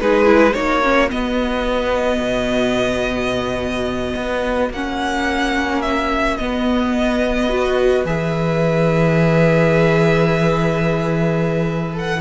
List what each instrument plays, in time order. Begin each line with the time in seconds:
0.00 cello G#3, viola D#4, violin G#4 B4
0.25 viola E4
0.54 cello A#3, viola D#4, violin F#4 C#5
0.83 viola C#4
1.10 viola B3, cello B3, violin D#5
2.20 cello B2
4.16 cello B3
4.70 cello A#3, viola C#4, violin F#5
5.82 violin E5
6.37 viola B3, cello B3, violin D#5
7.50 viola F#4, violin B4
8.05 cello E3, viola G#4, violin E5
11.93 viola A4, violin F#5